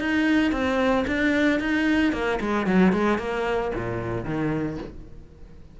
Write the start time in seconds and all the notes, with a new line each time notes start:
0.00 D#4
0.52 C4
1.07 D4
1.60 D#4
2.13 A#3
2.40 G#3
2.66 F#3
2.93 G#3
3.18 A#3
3.75 A#2
4.25 D#3